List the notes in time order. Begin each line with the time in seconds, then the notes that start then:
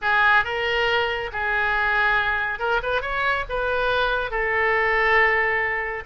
0.01 G#4
0.44 A#4
1.32 G#4
2.59 A#4
2.82 B4
3.01 C#5
3.49 B4
4.30 A4